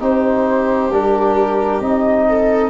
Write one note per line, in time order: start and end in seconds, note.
0.00 0.90 C4
0.00 0.91 D#4
0.00 2.28 G4
0.00 0.92 C5
0.90 1.80 G3
0.90 1.82 D4
0.90 1.81 A#4
1.81 2.70 C4
1.81 2.70 D#4
1.81 2.70 D#5
2.29 2.70 A4